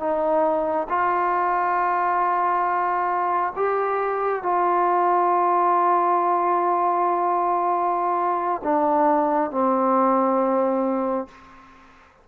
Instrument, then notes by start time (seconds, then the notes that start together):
trombone
0.00 D#4
0.89 F4
3.56 G4
4.43 F4
8.64 D4
9.52 C4